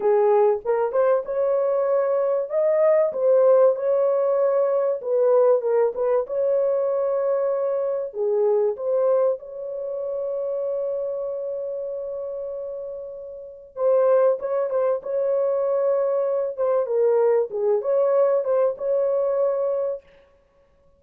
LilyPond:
\new Staff \with { instrumentName = "horn" } { \time 4/4 \tempo 4 = 96 gis'4 ais'8 c''8 cis''2 | dis''4 c''4 cis''2 | b'4 ais'8 b'8 cis''2~ | cis''4 gis'4 c''4 cis''4~ |
cis''1~ | cis''2 c''4 cis''8 c''8 | cis''2~ cis''8 c''8 ais'4 | gis'8 cis''4 c''8 cis''2 | }